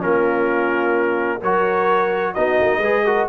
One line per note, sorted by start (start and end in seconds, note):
0.00 1.42 A#3
0.00 1.40 C#4
0.00 1.40 F4
0.00 1.42 A#4
1.40 2.35 F#3
1.40 2.36 F#4
1.40 2.33 A#4
1.40 2.34 C#5
2.33 2.61 B3
2.33 2.83 D#4
2.33 2.80 F#4
2.33 3.27 D#5
2.61 2.78 A#3
2.78 3.25 G#3
2.78 3.06 G#4
2.78 3.03 B4
3.06 3.29 F#4
3.06 3.29 A#4